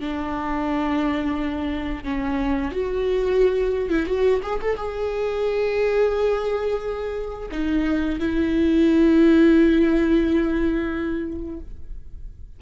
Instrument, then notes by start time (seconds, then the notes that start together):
viola
0.00 D4
2.04 C#4
2.71 F#4
3.90 E4
4.06 F#4
4.43 G#4
4.62 A4
4.77 G#4
7.52 D#4
8.20 E4